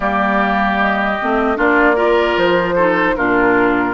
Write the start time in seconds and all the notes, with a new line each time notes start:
0.00 G3 A#3 G4 D5
0.80 D#5
1.21 A3 C4
1.55 A#3 D4 F4 D5
1.95 F4 A#4
2.37 F3 C5
2.75 D#4 A4
3.15 A#2 D4 F4 A#4